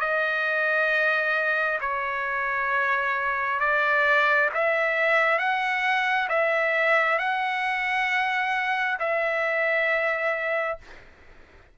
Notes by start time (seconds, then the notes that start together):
0.00 D#5
1.81 C#5
3.60 D5
4.54 E5
5.39 F#5
6.29 E5
7.19 F#5
8.99 E5